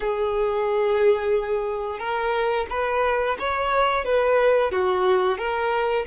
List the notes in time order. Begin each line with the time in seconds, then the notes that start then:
0.00 G#4
1.99 A#4
2.69 B4
3.39 C#5
4.04 B4
4.71 F#4
5.37 A#4